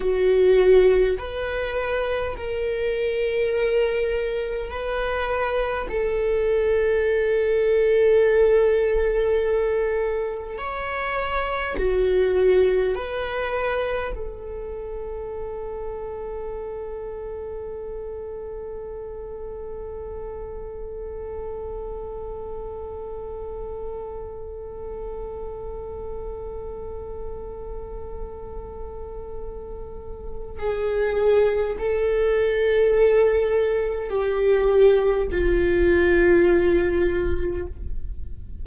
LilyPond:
\new Staff \with { instrumentName = "viola" } { \time 4/4 \tempo 4 = 51 fis'4 b'4 ais'2 | b'4 a'2.~ | a'4 cis''4 fis'4 b'4 | a'1~ |
a'1~ | a'1~ | a'2 gis'4 a'4~ | a'4 g'4 f'2 | }